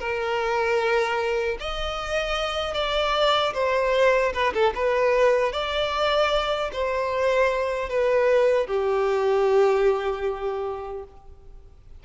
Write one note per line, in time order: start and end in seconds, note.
0.00 1.58 A#4
1.60 2.74 D#5
2.74 3.53 D5
3.54 4.33 C5
4.33 4.53 B4
4.54 4.73 A4
4.75 5.52 B4
5.52 6.71 D5
6.72 7.89 C5
7.89 8.67 B4
8.67 11.04 G4